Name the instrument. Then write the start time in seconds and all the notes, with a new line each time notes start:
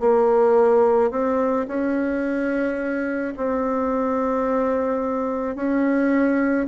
bassoon
0.00 A#3
1.11 C4
1.68 C#4
3.37 C4
5.56 C#4